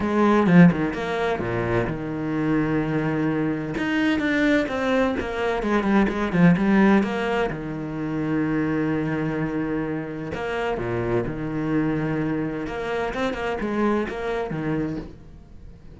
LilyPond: \new Staff \with { instrumentName = "cello" } { \time 4/4 \tempo 4 = 128 gis4 f8 dis8 ais4 ais,4 | dis1 | dis'4 d'4 c'4 ais4 | gis8 g8 gis8 f8 g4 ais4 |
dis1~ | dis2 ais4 ais,4 | dis2. ais4 | c'8 ais8 gis4 ais4 dis4 | }